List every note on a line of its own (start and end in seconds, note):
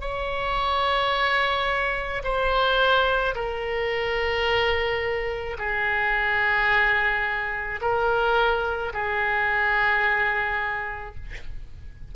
0.00 2.22 C#5
2.23 3.34 C5
3.35 5.57 A#4
5.58 7.80 G#4
7.81 8.92 A#4
8.93 11.15 G#4